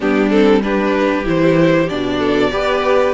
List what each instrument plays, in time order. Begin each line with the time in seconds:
0.00 cello G3, viola B3, violin D4 G4
0.30 viola C4, violin A4
0.62 viola D4, violin G4 B4
1.24 cello E3, viola E4, violin C5
1.89 cello B2, viola D4, violin D5
2.19 violin A4
2.51 cello B3, viola G4, violin B4